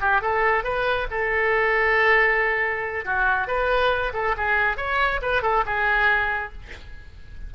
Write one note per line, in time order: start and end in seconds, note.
0.00 0.21 G4
0.21 0.63 A4
0.63 1.07 B4
1.10 3.05 A4
3.05 3.47 F#4
3.47 4.12 B4
4.13 4.35 A4
4.37 4.77 G#4
4.77 5.20 C#5
5.22 5.42 B4
5.42 5.64 A4
5.65 6.52 G#4